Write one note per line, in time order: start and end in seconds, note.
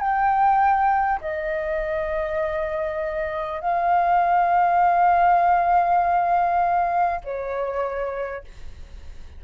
0.00 1.20 G5
1.21 3.61 D#5
3.61 7.21 F5
7.24 8.44 C#5